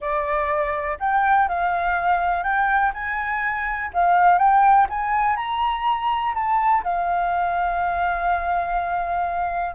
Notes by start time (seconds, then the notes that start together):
0.00 D5
0.99 G5
1.48 F5
2.43 G5
2.93 G#5
3.93 F5
4.38 G5
4.89 G#5
5.36 A#5
6.34 A5
6.83 F5